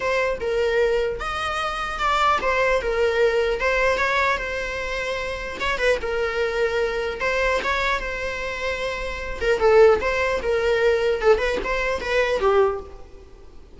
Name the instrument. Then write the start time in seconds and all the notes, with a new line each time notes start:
viola
0.00 C5
0.40 A#4
1.20 D#5
1.98 D5
2.41 C5
2.81 A#4
3.60 C5
3.97 C#5
4.37 C5
5.60 C#5
5.77 B4
6.01 A#4
7.20 C5
7.63 C#5
7.99 C5
9.40 A#4
9.59 A4
10.01 C5
10.42 A#4
11.21 A4
11.37 B4
11.64 C5
12.00 B4
12.40 G4